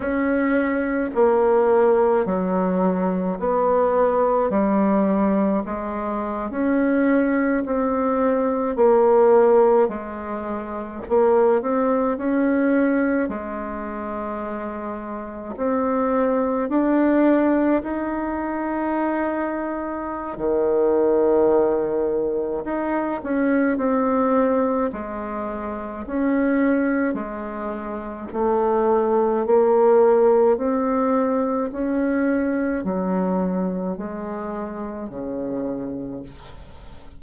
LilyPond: \new Staff \with { instrumentName = "bassoon" } { \time 4/4 \tempo 4 = 53 cis'4 ais4 fis4 b4 | g4 gis8. cis'4 c'4 ais16~ | ais8. gis4 ais8 c'8 cis'4 gis16~ | gis4.~ gis16 c'4 d'4 dis'16~ |
dis'2 dis2 | dis'8 cis'8 c'4 gis4 cis'4 | gis4 a4 ais4 c'4 | cis'4 fis4 gis4 cis4 | }